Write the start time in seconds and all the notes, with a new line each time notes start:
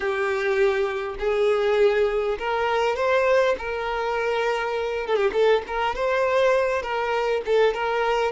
0.00 G4
1.19 G#4
2.38 A#4
2.96 C5
3.58 A#4
5.06 A4
5.16 G4
5.32 A4
5.67 A#4
5.95 C5
6.82 A#4
7.45 A4
7.74 A#4